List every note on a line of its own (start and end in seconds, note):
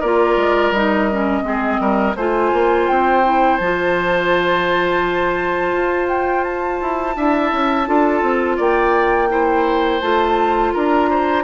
0.00 0.36 A#3
0.00 0.75 F4
0.00 1.43 A#4
0.00 0.73 D5
0.36 0.71 G#3
0.71 1.43 G3
0.71 1.11 D#4
0.71 2.16 D#5
1.11 1.43 C#4
1.43 1.79 G#3
1.43 2.14 C4
1.43 1.81 G#4
1.80 2.16 G3
1.80 2.16 A#4
2.16 2.52 A3
2.16 3.24 F4
2.16 7.16 C5
2.16 2.88 G#5
2.53 2.89 A#3
2.88 3.60 C4
2.88 3.57 G5
3.24 3.60 E4
3.57 5.73 F3
3.57 7.17 F4
3.57 6.07 A5
5.73 6.80 F4
6.09 6.44 G5
6.44 8.58 A5
6.82 7.16 E4
7.16 7.52 D4
7.16 7.87 E4
7.16 7.88 E5
7.52 7.88 C#4
7.87 8.22 D4
7.87 9.29 F4
7.87 8.57 A4
8.22 8.58 C4
8.57 10.02 A#3
8.57 9.28 D5
8.57 10.01 G5
9.29 10.01 E4
9.29 10.74 C5
10.01 10.74 A3
10.01 11.44 F4
10.01 10.72 A5
10.74 11.44 D4
10.74 11.10 A#4
10.74 11.44 A#5
11.10 11.44 C5